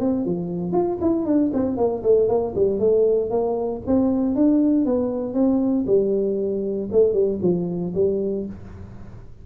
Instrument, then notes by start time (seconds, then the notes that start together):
tuba
0.00 C4
0.25 F3
0.72 F4
1.01 E4
1.26 D4
1.53 C4
1.77 A#3
2.03 A3
2.28 A#3
2.56 G3
2.79 A3
3.30 A#3
3.87 C4
4.35 D4
4.85 B3
5.34 C4
5.87 G3
6.92 A3
7.14 G3
7.42 F3
7.95 G3